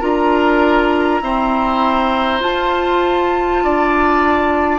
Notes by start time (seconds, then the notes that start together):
0.00 D4 F4 A#4 A#5
1.21 C4 E4 C5
2.40 F4 A5
3.63 D4 D5